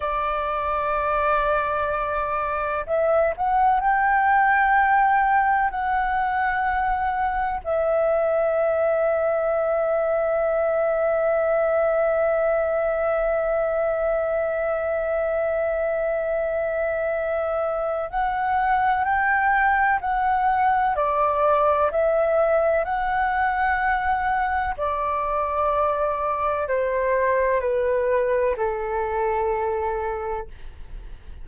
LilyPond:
\new Staff \with { instrumentName = "flute" } { \time 4/4 \tempo 4 = 63 d''2. e''8 fis''8 | g''2 fis''2 | e''1~ | e''1~ |
e''2. fis''4 | g''4 fis''4 d''4 e''4 | fis''2 d''2 | c''4 b'4 a'2 | }